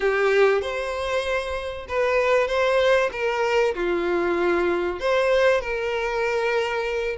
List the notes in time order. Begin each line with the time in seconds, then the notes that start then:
0.00 G4
0.61 C5
1.88 B4
2.47 C5
3.12 A#4
3.74 F4
5.00 C5
5.60 A#4